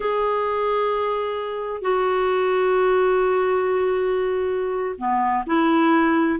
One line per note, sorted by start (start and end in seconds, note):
0.00 1.81 G#4
1.81 4.95 F#4
4.98 5.44 B3
5.46 6.39 E4